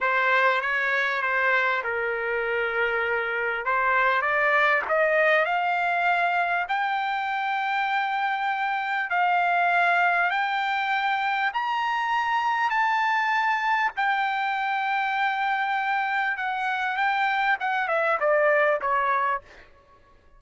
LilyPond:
\new Staff \with { instrumentName = "trumpet" } { \time 4/4 \tempo 4 = 99 c''4 cis''4 c''4 ais'4~ | ais'2 c''4 d''4 | dis''4 f''2 g''4~ | g''2. f''4~ |
f''4 g''2 ais''4~ | ais''4 a''2 g''4~ | g''2. fis''4 | g''4 fis''8 e''8 d''4 cis''4 | }